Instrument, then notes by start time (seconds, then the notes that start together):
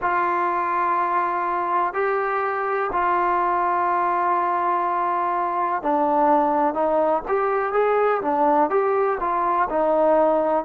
trombone
0.01 F4
1.93 G4
2.92 F4
5.82 D4
6.74 D#4
7.28 G4
7.72 G#4
8.21 D4
8.70 G4
9.19 F4
9.69 D#4